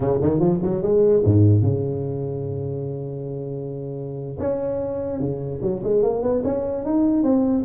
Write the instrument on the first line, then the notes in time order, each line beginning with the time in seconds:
tuba
0.00 C#3
0.21 D#3
0.39 F3
0.62 F#3
0.82 G#3
1.24 G#2
1.62 C#3
4.39 C#4
5.19 C#3
5.62 F#3
5.83 G#3
6.03 A#3
6.22 B3
6.43 C#4
6.84 D#4
7.23 C4